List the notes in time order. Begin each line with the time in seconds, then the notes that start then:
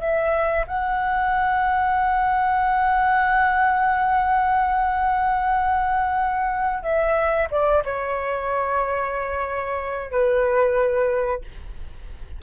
0.00 E5
0.67 F#5
6.83 E5
7.51 D5
7.84 C#5
10.11 B4